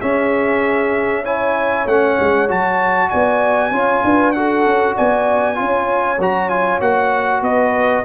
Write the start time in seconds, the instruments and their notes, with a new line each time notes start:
0.00 trombone C#4, tuba C#4, horn G#4, trumpet E5
1.23 trombone E4, horn C#5, trumpet G#5
1.86 tuba A3, trombone C#4, trumpet F#5
2.19 tuba G#3
2.48 tuba F#3, trombone F#4, trumpet A5
3.09 tuba B3, horn D5, trumpet G#5
3.71 tuba C#4, trombone F4, horn C#5
4.04 tuba D4, horn B4
4.32 trombone F#4, horn A4, trumpet F#5
4.65 tuba C#4
4.95 tuba B3, horn D5, trumpet G#5
5.55 tuba C#4, trombone F4, horn C#5
6.18 tuba F#3, trombone F#4, trumpet A#5
6.49 trombone F4, trumpet G#5
6.80 tuba A#3, trombone F#4, trumpet F#5
7.42 tuba B3, horn B4, trumpet D#5